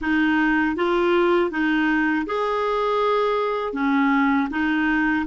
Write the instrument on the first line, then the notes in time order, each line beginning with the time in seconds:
clarinet
0.01 D#4
0.76 F4
1.50 D#4
2.26 G#4
3.73 C#4
4.50 D#4